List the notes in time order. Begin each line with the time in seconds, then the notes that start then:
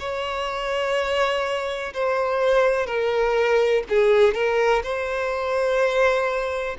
0.00 C#5
1.94 C5
2.87 A#4
3.90 G#4
4.34 A#4
4.83 C5